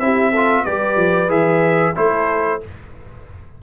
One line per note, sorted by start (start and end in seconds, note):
0.00 0.65 C4
0.00 0.33 E4
0.00 0.31 G4
0.00 0.65 E5
0.31 0.66 F4
0.31 0.64 A4
0.65 0.96 G3
0.65 1.29 G4
0.65 1.96 B4
0.65 1.30 D5
0.96 1.28 F3
1.28 1.94 E3
1.28 1.94 G#4
1.28 1.96 E5
1.95 2.63 A3
1.95 2.61 E4
1.95 2.62 A4
1.95 2.62 C5